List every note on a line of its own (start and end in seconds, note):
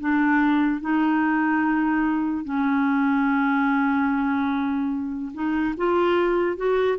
0.00 0.81 D4
0.81 2.44 D#4
2.44 5.32 C#4
5.33 5.75 D#4
5.77 6.56 F4
6.56 6.98 F#4